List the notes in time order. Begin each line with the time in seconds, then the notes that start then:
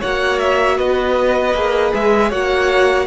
0.00 A#3 F#4 C#5 F#5
0.40 E5
0.78 B3 B4 D#5
1.54 A#3 G#4
1.94 G#3 E5
2.30 A#3 F#4 C#5 F#5